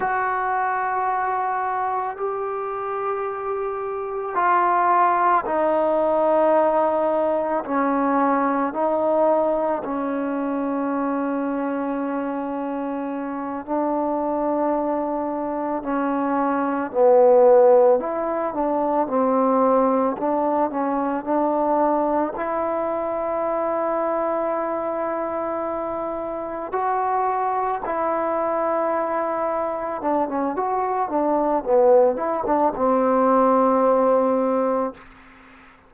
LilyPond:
\new Staff \with { instrumentName = "trombone" } { \time 4/4 \tempo 4 = 55 fis'2 g'2 | f'4 dis'2 cis'4 | dis'4 cis'2.~ | cis'8 d'2 cis'4 b8~ |
b8 e'8 d'8 c'4 d'8 cis'8 d'8~ | d'8 e'2.~ e'8~ | e'8 fis'4 e'2 d'16 cis'16 | fis'8 d'8 b8 e'16 d'16 c'2 | }